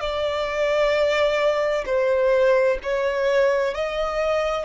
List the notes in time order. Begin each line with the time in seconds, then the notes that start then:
0.00 D5
1.85 C5
2.83 C#5
3.74 D#5